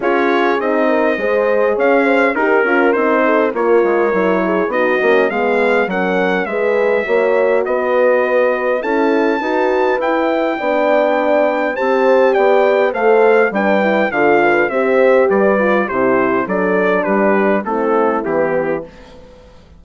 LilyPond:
<<
  \new Staff \with { instrumentName = "trumpet" } { \time 4/4 \tempo 4 = 102 cis''4 dis''2 f''4 | ais'4 c''4 cis''2 | dis''4 f''4 fis''4 e''4~ | e''4 dis''2 a''4~ |
a''4 g''2. | a''4 g''4 f''4 g''4 | f''4 e''4 d''4 c''4 | d''4 b'4 a'4 g'4 | }
  \new Staff \with { instrumentName = "horn" } { \time 4/4 gis'4. ais'8 c''4 cis''8 c''8 | ais'4. a'8 ais'4. gis'8 | fis'4 gis'4 ais'4 b'4 | cis''4 b'2 a'4 |
b'2 d''2 | c''4 d''4 c''4 b'4 | a'8 b'8 c''4 b'4 g'4 | a'4 g'4 e'2 | }
  \new Staff \with { instrumentName = "horn" } { \time 4/4 f'4 dis'4 gis'2 | g'8 f'8 dis'4 f'4 e'4 | dis'8 cis'8 b4 cis'4 gis'4 | fis'2. e'4 |
fis'4 e'4 d'2 | g'2 a'4 d'8 e'8 | f'4 g'4. f'8 e'4 | d'2 c'4 b4 | }
  \new Staff \with { instrumentName = "bassoon" } { \time 4/4 cis'4 c'4 gis4 cis'4 | dis'8 cis'8 c'4 ais8 gis8 fis4 | b8 ais8 gis4 fis4 gis4 | ais4 b2 cis'4 |
dis'4 e'4 b2 | c'4 b4 a4 g4 | d4 c'4 g4 c4 | fis4 g4 a4 e4 | }
>>